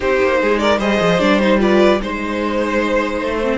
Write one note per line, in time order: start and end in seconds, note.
0.00 0.21 C4
0.00 0.80 D#4
0.00 0.39 G4
0.00 0.58 C5
0.22 0.42 A#3
0.41 0.79 G#3
0.41 0.60 G#4
0.58 0.78 A#4
0.58 0.78 D5
0.78 0.99 G3
0.78 1.20 G#4
0.78 1.58 C5
0.78 1.19 D#5
1.00 1.20 F3
1.19 2.00 G3
1.19 1.40 D4
1.19 1.39 D5
1.39 1.58 D#4
1.39 1.59 C5
1.58 1.98 F4
1.58 2.00 B4
1.58 2.01 D5
2.01 3.21 G#3
2.01 3.41 D#4
2.01 3.58 C5
3.21 3.58 A3
3.42 3.58 C4